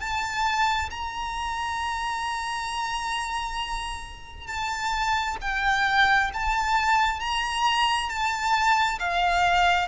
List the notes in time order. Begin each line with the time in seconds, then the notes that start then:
0.00 A5
0.90 A#5
4.47 A5
5.41 G5
6.33 A5
7.20 A#5
8.09 A5
8.99 F5